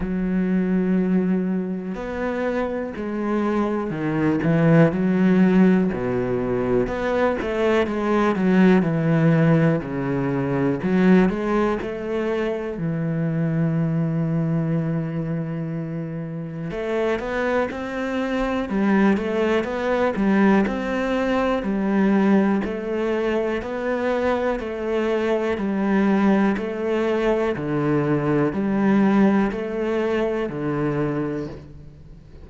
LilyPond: \new Staff \with { instrumentName = "cello" } { \time 4/4 \tempo 4 = 61 fis2 b4 gis4 | dis8 e8 fis4 b,4 b8 a8 | gis8 fis8 e4 cis4 fis8 gis8 | a4 e2.~ |
e4 a8 b8 c'4 g8 a8 | b8 g8 c'4 g4 a4 | b4 a4 g4 a4 | d4 g4 a4 d4 | }